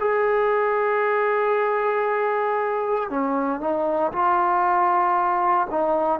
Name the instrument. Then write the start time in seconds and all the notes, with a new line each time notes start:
trombone
0.00 G#4
3.10 C#4
3.60 D#4
4.12 F4
5.70 D#4